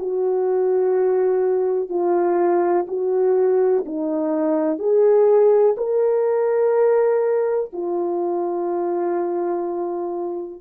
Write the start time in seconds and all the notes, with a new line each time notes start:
0.00 F#4
1.90 F4
2.88 F#4
3.86 D#4
4.79 G#4
5.78 A#4
7.73 F4